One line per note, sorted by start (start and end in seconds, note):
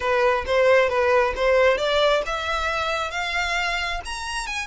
0.00 0.45 B4
0.46 0.89 C5
0.89 1.33 B4
1.36 1.77 C5
1.77 2.22 D5
2.26 3.11 E5
3.11 4.00 F5
4.05 4.47 A#5
4.47 4.67 G#5